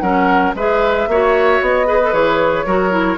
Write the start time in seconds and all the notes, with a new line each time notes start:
0.00 F#3 C#4 A#4 F#5
0.55 G#3 G#4 B4 E5
1.08 A#3 F#4 C#5
1.62 B3 D#5
1.87 G#4 B4
2.03 A4
2.13 E3 G#4 C#5
2.66 F#3 F#4 A#4
2.91 E4